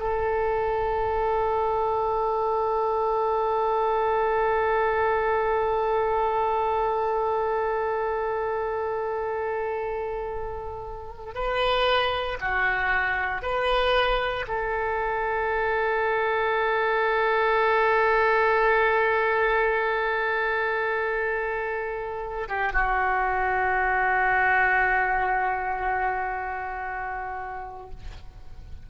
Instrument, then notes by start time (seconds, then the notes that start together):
oboe
0.00 A4
11.35 B4
12.41 F#4
13.42 B4
14.48 A4
22.49 G4
22.73 F#4